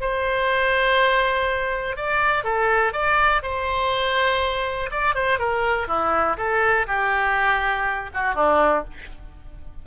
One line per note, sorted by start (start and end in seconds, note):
0.00 1.96 C5
1.96 2.44 D5
2.44 2.93 A4
2.93 3.42 D5
3.42 4.90 C5
4.91 5.14 D5
5.14 5.38 C5
5.38 5.87 A#4
5.87 6.36 E4
6.37 6.86 A4
6.87 8.10 G4
8.14 8.35 F#4
8.35 8.84 D4